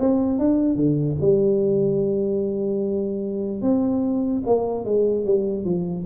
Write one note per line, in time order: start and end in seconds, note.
0.00 0.39 C4
0.39 0.76 D4
0.76 1.16 D3
1.21 3.62 G3
3.62 4.43 C4
4.47 4.85 A#3
4.85 5.26 G#3
5.26 5.65 G3
5.65 6.06 F3